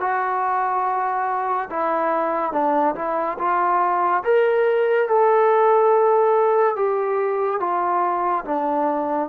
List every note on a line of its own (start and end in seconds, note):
0.00 1.69 F#4
1.70 2.52 E4
2.52 2.95 D4
2.95 3.37 E4
3.38 4.23 F4
4.24 5.08 A#4
5.08 6.76 A4
6.76 7.60 G4
7.60 8.44 F4
8.45 9.29 D4